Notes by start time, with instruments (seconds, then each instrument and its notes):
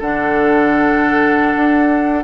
0.00 bassoon D3, clarinet D4, oboe A4, flute F#5
1.55 bassoon D4